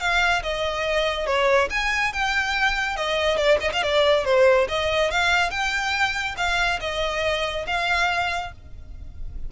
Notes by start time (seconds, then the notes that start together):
0.00 F5
0.43 D#5
1.26 C#5
1.70 G#5
2.13 G5
2.97 D#5
3.37 D5
3.61 D#5
3.73 F5
3.83 D5
4.25 C5
4.69 D#5
5.11 F5
5.50 G5
6.38 F5
6.80 D#5
7.67 F5